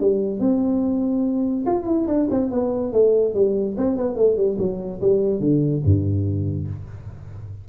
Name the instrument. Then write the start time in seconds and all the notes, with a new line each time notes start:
tuba
0.00 G3
0.40 C4
1.66 F4
1.86 E4
2.07 D4
2.30 C4
2.51 B3
2.93 A3
3.34 G3
3.77 C4
3.97 B3
4.16 A3
4.37 G3
4.59 F#3
5.01 G3
5.40 D3
5.84 G2